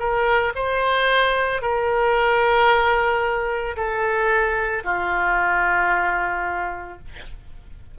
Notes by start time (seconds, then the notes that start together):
0.00 A#4
0.56 C5
1.62 A#4
3.76 A4
4.85 F4